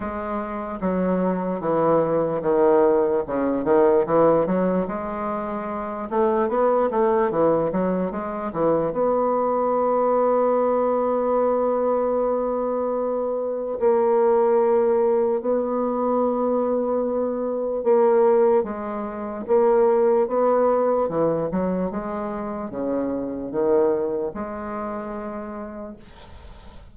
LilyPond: \new Staff \with { instrumentName = "bassoon" } { \time 4/4 \tempo 4 = 74 gis4 fis4 e4 dis4 | cis8 dis8 e8 fis8 gis4. a8 | b8 a8 e8 fis8 gis8 e8 b4~ | b1~ |
b4 ais2 b4~ | b2 ais4 gis4 | ais4 b4 e8 fis8 gis4 | cis4 dis4 gis2 | }